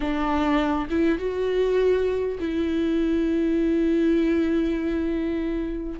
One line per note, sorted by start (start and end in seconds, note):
0.00 0.88 D4
0.89 1.18 E4
1.18 2.38 F#4
2.39 5.99 E4